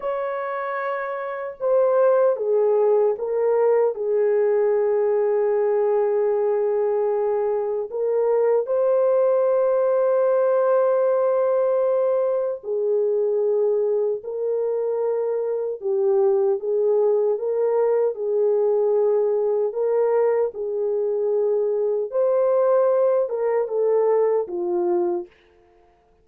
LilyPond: \new Staff \with { instrumentName = "horn" } { \time 4/4 \tempo 4 = 76 cis''2 c''4 gis'4 | ais'4 gis'2.~ | gis'2 ais'4 c''4~ | c''1 |
gis'2 ais'2 | g'4 gis'4 ais'4 gis'4~ | gis'4 ais'4 gis'2 | c''4. ais'8 a'4 f'4 | }